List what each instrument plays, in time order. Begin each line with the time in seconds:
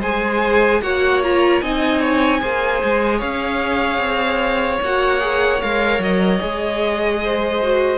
0.00 cello G#3, viola G#4, violin C5 G#5
0.81 cello A#3, viola F#4, violin C#5 F#5
1.23 viola F4, violin A#5
1.61 cello C4, viola D#4, violin D#5 G#5
2.00 violin C#5
2.40 cello A#3, viola G#4, violin C5
2.83 cello G#3
3.18 cello C#4, violin C#5 F5
3.98 cello C4
4.81 cello A#3, viola F#4, violin F#5
5.20 viola G#4
5.61 cello G#3, viola A#4, violin F5
5.99 cello F#3, violin D#5
6.39 cello G#3, viola G#4
7.23 violin C5
7.62 viola F#4